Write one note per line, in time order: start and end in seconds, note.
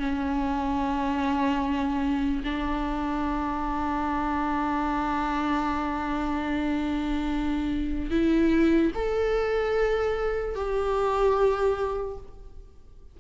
0.00 2.43 C#4
2.44 8.11 D4
8.11 8.92 E4
8.95 10.56 A4
10.56 12.18 G4